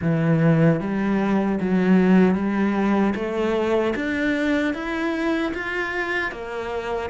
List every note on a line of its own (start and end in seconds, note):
0.01 0.80 E3
0.80 1.59 G3
1.60 2.35 F#3
2.35 3.14 G3
3.15 3.94 A3
3.95 4.74 D4
4.74 5.53 E4
5.54 6.31 F4
6.31 7.10 A#3